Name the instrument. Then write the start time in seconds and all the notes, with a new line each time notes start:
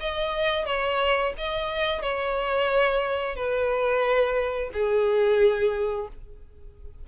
violin
0.00 D#5
0.66 C#5
1.38 D#5
2.02 C#5
3.36 B4
4.73 G#4